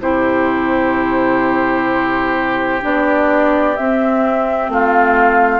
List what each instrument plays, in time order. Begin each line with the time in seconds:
0.00 bassoon C3, clarinet E4, oboe G4, flute C5
2.81 bassoon B3, clarinet D4, flute D5
3.76 bassoon C4, clarinet C4, flute E5
4.69 bassoon A3, oboe F4, flute F5